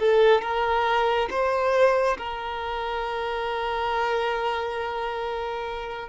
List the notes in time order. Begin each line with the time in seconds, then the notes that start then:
0.00 A4
0.42 A#4
1.31 C5
2.18 A#4